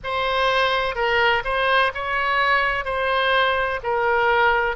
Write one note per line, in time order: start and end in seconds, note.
0.03 0.95 C5
0.95 1.42 A#4
1.44 1.91 C5
1.94 2.84 C#5
2.84 3.80 C5
3.83 4.76 A#4